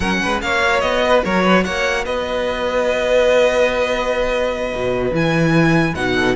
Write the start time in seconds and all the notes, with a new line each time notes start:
0.00 F#3 C#4 A#4 F#5
0.22 G#3 B4
0.41 A#3 C#5 F5
0.62 F#4
0.80 B3 D#5
1.04 B4
1.24 F#3 A#4 C#5
1.43 B4
1.63 A#3 C#5 F#5
2.05 B3 B4 D#5
4.74 B2
5.11 E3 E4 G#5
5.94 B2 D#4 F#5
6.14 A4